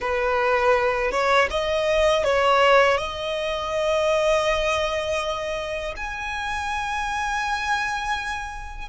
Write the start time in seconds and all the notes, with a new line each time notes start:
0.00 B4
1.11 C#5
1.50 D#5
2.24 C#5
2.97 D#5
5.96 G#5